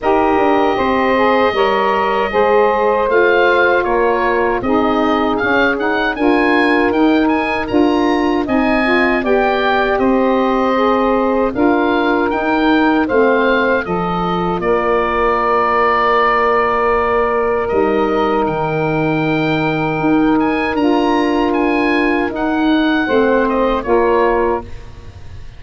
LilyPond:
<<
  \new Staff \with { instrumentName = "oboe" } { \time 4/4 \tempo 4 = 78 dis''1 | f''4 cis''4 dis''4 f''8 fis''8 | gis''4 g''8 gis''8 ais''4 gis''4 | g''4 dis''2 f''4 |
g''4 f''4 dis''4 d''4~ | d''2. dis''4 | g''2~ g''8 gis''8 ais''4 | gis''4 fis''4. dis''8 cis''4 | }
  \new Staff \with { instrumentName = "saxophone" } { \time 4/4 ais'4 c''4 cis''4 c''4~ | c''4 ais'4 gis'2 | ais'2. dis''4 | d''4 c''2 ais'4~ |
ais'4 c''4 a'4 ais'4~ | ais'1~ | ais'1~ | ais'2 c''4 ais'4 | }
  \new Staff \with { instrumentName = "saxophone" } { \time 4/4 g'4. gis'8 ais'4 gis'4 | f'2 dis'4 cis'8 dis'8 | f'4 dis'4 f'4 dis'8 f'8 | g'2 gis'4 f'4 |
dis'4 c'4 f'2~ | f'2. dis'4~ | dis'2. f'4~ | f'4 dis'4 c'4 f'4 | }
  \new Staff \with { instrumentName = "tuba" } { \time 4/4 dis'8 d'8 c'4 g4 gis4 | a4 ais4 c'4 cis'4 | d'4 dis'4 d'4 c'4 | b4 c'2 d'4 |
dis'4 a4 f4 ais4~ | ais2. g4 | dis2 dis'4 d'4~ | d'4 dis'4 a4 ais4 | }
>>